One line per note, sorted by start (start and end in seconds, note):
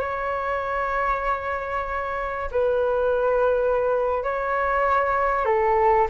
0.00 2.50 C#5
2.52 4.24 B4
4.24 5.46 C#5
5.46 6.08 A4